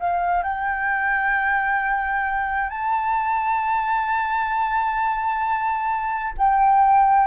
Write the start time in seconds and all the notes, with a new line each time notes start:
0.00 F5
0.43 G5
2.70 A5
6.38 G5